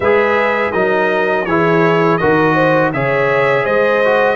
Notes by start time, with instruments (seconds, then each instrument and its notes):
0.00 tuba G#3, trombone G#4, horn B4, trumpet E5
0.72 tuba F#3, trombone D#4, horn A#4, trumpet D#5
1.45 tuba E3, trombone E4, horn G#4, trumpet C#5
2.17 tuba D#3, trombone F#4, horn A#4, trumpet D#5
2.54 horn C5
2.92 tuba C#3, trombone G#4, horn C#5, trumpet E5
3.64 tuba G#3, horn C5, trumpet D#5
4.04 trombone F#4